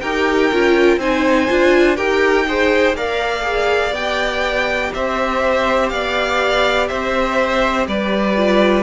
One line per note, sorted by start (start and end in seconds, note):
0.00 0.51 D#4
0.00 0.51 G4
0.00 0.99 A#4
0.00 0.98 G5
0.51 0.97 C#4
0.51 1.00 F4
0.97 1.46 C4
0.97 1.48 D#4
0.97 1.97 C5
0.97 1.97 G#5
1.48 1.98 D4
1.48 1.96 F4
1.96 2.93 D#4
1.96 2.45 G4
1.96 2.46 A#4
1.96 2.95 G5
2.48 2.96 G#4
2.48 2.96 C5
2.93 3.91 A#3
2.93 3.42 A#4
2.93 4.93 D5
2.93 3.94 F5
3.42 3.91 G#4
3.91 4.89 B3
3.91 8.36 G4
3.91 4.92 G5
4.94 5.91 C4
4.94 5.92 C5
4.94 5.89 E5
5.89 6.90 B3
5.89 6.89 D5
5.89 6.87 F5
6.87 7.87 C4
6.87 7.87 C5
6.87 7.86 E5
7.87 8.83 G3
7.87 8.83 B4
7.87 8.83 D5
8.36 8.83 F4